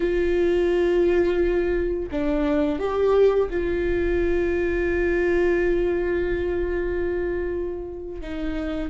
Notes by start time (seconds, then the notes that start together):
0.00 F4
2.11 D4
2.79 G4
3.50 F4
8.21 D#4